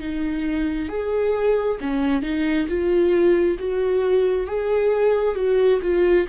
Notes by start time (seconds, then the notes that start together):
0.00 D#4
0.89 G#4
1.81 C#4
2.22 D#4
2.68 F4
3.59 F#4
4.47 G#4
5.35 F#4
5.82 F4